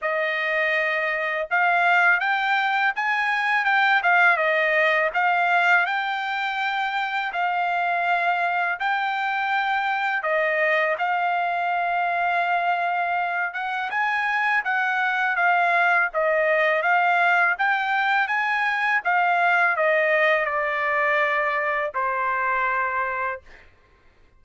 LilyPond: \new Staff \with { instrumentName = "trumpet" } { \time 4/4 \tempo 4 = 82 dis''2 f''4 g''4 | gis''4 g''8 f''8 dis''4 f''4 | g''2 f''2 | g''2 dis''4 f''4~ |
f''2~ f''8 fis''8 gis''4 | fis''4 f''4 dis''4 f''4 | g''4 gis''4 f''4 dis''4 | d''2 c''2 | }